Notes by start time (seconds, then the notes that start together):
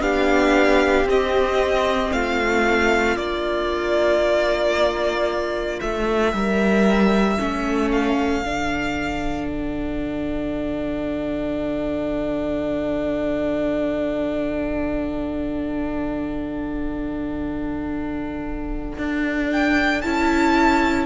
0.00 B3 D4 G4 F5
1.04 C4 D#5
2.12 A3 F4 F5
3.16 A#3 D4 D5
5.80 A3 E5
6.32 G3 A#4
7.37 A3 C#4 A4
7.91 F5
8.42 D3 D4
9.48 F#5
18.97 D4
19.52 G5
20.01 C#4 E4 A5